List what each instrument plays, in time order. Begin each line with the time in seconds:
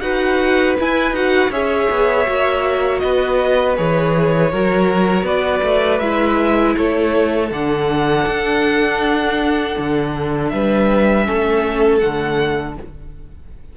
0.00 cello D#4, viola F#4, violin B4 F#5
0.79 viola E4, cello E4, violin G#5
1.11 cello D#4, viola F#4, violin F#5
1.50 cello C#4, viola G#4, violin C#5 E5
1.90 cello B3
2.26 cello A#3, viola F#4
2.99 cello B3, violin B4 D#5
3.76 cello E3, viola G#4, violin C#5
4.52 cello F#3, viola F#4, violin A#4
5.23 cello B3, violin B4 D5
5.63 cello A3
5.99 cello G#3, viola E4, violin E5
6.77 cello A3, violin A4 C#5
7.50 cello D3, viola D4, violin F#5
8.27 cello D4
9.78 cello D3
10.49 cello G3, violin B4 E5
11.25 cello A3, viola C#4, violin A4
11.98 cello D3, viola A3, violin F#5